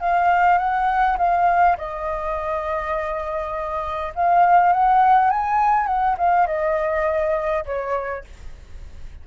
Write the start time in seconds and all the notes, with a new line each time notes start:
0.00 F5
0.58 F#5
1.18 F5
1.77 D#5
4.15 F5
4.72 F#5
5.30 G#5
5.87 F#5
6.18 F5
6.47 D#5
7.65 C#5